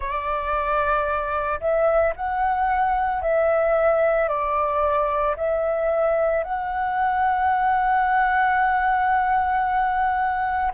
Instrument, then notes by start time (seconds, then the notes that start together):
flute
0.00 D5
1.60 E5
2.16 F#5
3.21 E5
4.28 D5
5.36 E5
6.43 F#5